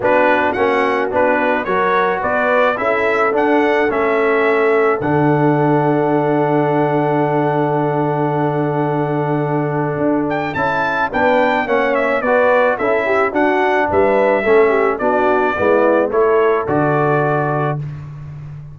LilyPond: <<
  \new Staff \with { instrumentName = "trumpet" } { \time 4/4 \tempo 4 = 108 b'4 fis''4 b'4 cis''4 | d''4 e''4 fis''4 e''4~ | e''4 fis''2.~ | fis''1~ |
fis''2~ fis''8 g''8 a''4 | g''4 fis''8 e''8 d''4 e''4 | fis''4 e''2 d''4~ | d''4 cis''4 d''2 | }
  \new Staff \with { instrumentName = "horn" } { \time 4/4 fis'2. ais'4 | b'4 a'2.~ | a'1~ | a'1~ |
a'1 | b'4 cis''4 b'4 a'8 g'8 | fis'4 b'4 a'8 g'8 fis'4 | e'4 a'2. | }
  \new Staff \with { instrumentName = "trombone" } { \time 4/4 d'4 cis'4 d'4 fis'4~ | fis'4 e'4 d'4 cis'4~ | cis'4 d'2.~ | d'1~ |
d'2. e'4 | d'4 cis'4 fis'4 e'4 | d'2 cis'4 d'4 | b4 e'4 fis'2 | }
  \new Staff \with { instrumentName = "tuba" } { \time 4/4 b4 ais4 b4 fis4 | b4 cis'4 d'4 a4~ | a4 d2.~ | d1~ |
d2 d'4 cis'4 | b4 ais4 b4 cis'4 | d'4 g4 a4 b4 | gis4 a4 d2 | }
>>